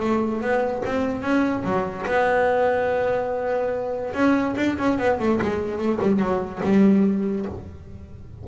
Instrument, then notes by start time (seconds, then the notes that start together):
double bass
0.00 A3
0.41 B3
0.85 C4
1.22 C#4
1.64 F#3
2.07 B3
4.14 C#4
4.57 D4
4.78 C#4
4.98 B3
5.19 A3
5.42 G#3
5.78 A3
6.02 G3
6.20 F#3
6.63 G3